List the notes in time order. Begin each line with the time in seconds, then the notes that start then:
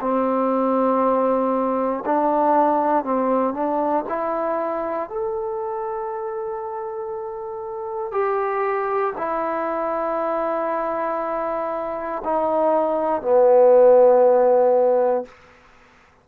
0.00 C4
2.05 D4
3.04 C4
3.54 D4
4.08 E4
5.09 A4
8.11 G4
9.17 E4
12.24 D#4
13.22 B3